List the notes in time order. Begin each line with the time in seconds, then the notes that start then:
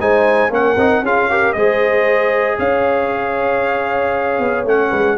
0.00 G#3 D#4 C5 G#5
0.51 A#3 C#4 A#4 F#5
0.77 C4 D#4
1.03 C#4 F4 G#4 F5
1.30 G4 A#4
1.53 G#3 G#4 C5 D#5
2.58 C#4 C#5 F5
4.40 B3
4.65 A3 C#4 F#5
4.90 G#3 B4